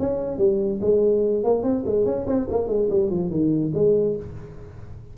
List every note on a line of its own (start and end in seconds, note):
0.00 0.38 C#4
0.38 0.80 G3
0.81 1.44 G#3
1.44 1.63 A#3
1.63 1.84 C4
1.87 2.06 G#3
2.06 2.27 C#4
2.28 2.49 C4
2.50 2.69 A#3
2.69 2.90 G#3
2.90 3.11 G3
3.11 3.31 F3
3.31 3.72 D#3
3.75 4.17 G#3